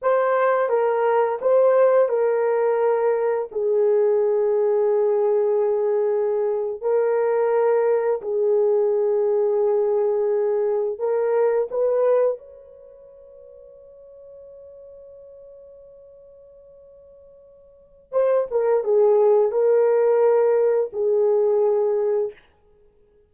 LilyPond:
\new Staff \with { instrumentName = "horn" } { \time 4/4 \tempo 4 = 86 c''4 ais'4 c''4 ais'4~ | ais'4 gis'2.~ | gis'4.~ gis'16 ais'2 gis'16~ | gis'2.~ gis'8. ais'16~ |
ais'8. b'4 cis''2~ cis''16~ | cis''1~ | cis''2 c''8 ais'8 gis'4 | ais'2 gis'2 | }